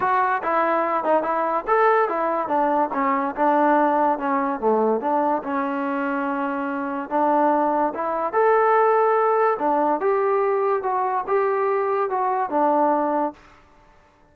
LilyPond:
\new Staff \with { instrumentName = "trombone" } { \time 4/4 \tempo 4 = 144 fis'4 e'4. dis'8 e'4 | a'4 e'4 d'4 cis'4 | d'2 cis'4 a4 | d'4 cis'2.~ |
cis'4 d'2 e'4 | a'2. d'4 | g'2 fis'4 g'4~ | g'4 fis'4 d'2 | }